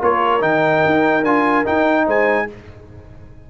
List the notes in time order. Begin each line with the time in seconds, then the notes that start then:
0.00 A#3 F4 A#4 C#5
0.40 D#3 D#4 G5
0.86 D#4
1.24 D4 F4 G#5
1.65 D#4 G5
2.07 G#3 C5 G#5